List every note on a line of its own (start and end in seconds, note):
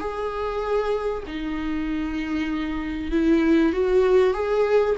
0.00 1.24 G#4
1.27 3.12 D#4
3.12 3.73 E4
3.73 4.34 F#4
4.34 4.96 G#4